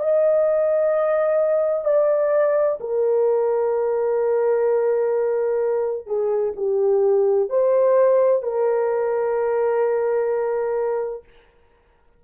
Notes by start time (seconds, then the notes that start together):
0.00 D#5
1.85 D5
2.80 A#4
6.07 G#4
6.57 G4
7.50 C5
8.43 A#4